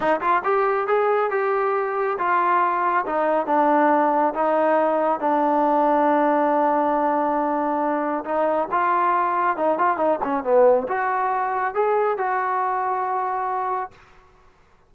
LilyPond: \new Staff \with { instrumentName = "trombone" } { \time 4/4 \tempo 4 = 138 dis'8 f'8 g'4 gis'4 g'4~ | g'4 f'2 dis'4 | d'2 dis'2 | d'1~ |
d'2. dis'4 | f'2 dis'8 f'8 dis'8 cis'8 | b4 fis'2 gis'4 | fis'1 | }